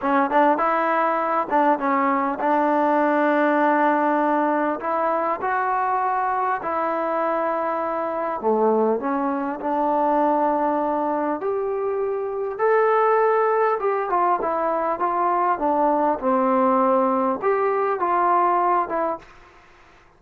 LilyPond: \new Staff \with { instrumentName = "trombone" } { \time 4/4 \tempo 4 = 100 cis'8 d'8 e'4. d'8 cis'4 | d'1 | e'4 fis'2 e'4~ | e'2 a4 cis'4 |
d'2. g'4~ | g'4 a'2 g'8 f'8 | e'4 f'4 d'4 c'4~ | c'4 g'4 f'4. e'8 | }